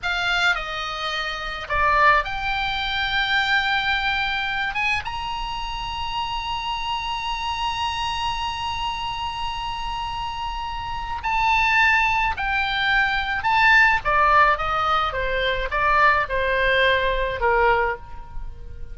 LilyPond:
\new Staff \with { instrumentName = "oboe" } { \time 4/4 \tempo 4 = 107 f''4 dis''2 d''4 | g''1~ | g''8 gis''8 ais''2.~ | ais''1~ |
ais''1 | a''2 g''2 | a''4 d''4 dis''4 c''4 | d''4 c''2 ais'4 | }